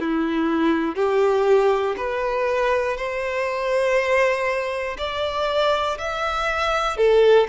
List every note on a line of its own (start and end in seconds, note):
0.00 0.95 E4
0.95 1.95 G4
1.98 2.98 B4
2.98 4.98 C5
4.98 5.98 D5
5.99 6.98 E5
6.98 7.48 A4